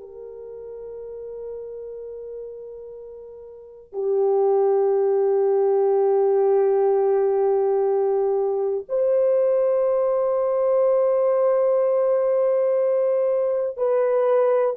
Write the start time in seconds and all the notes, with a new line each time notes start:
0.00 A#4
3.93 G4
8.88 C5
13.77 B4